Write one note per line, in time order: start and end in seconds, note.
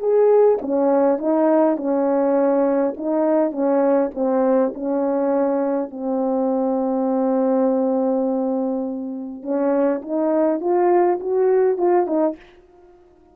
0.00 0.59 G#4
0.62 1.18 C#4
1.18 1.77 D#4
1.77 2.95 C#4
2.97 3.52 D#4
3.52 4.11 C#4
4.15 4.74 C4
4.75 5.91 C#4
5.91 9.43 C4
9.43 10.02 C#4
10.02 10.61 D#4
10.61 11.20 F4
11.20 11.78 F#4
11.78 12.07 F4
12.07 12.36 D#4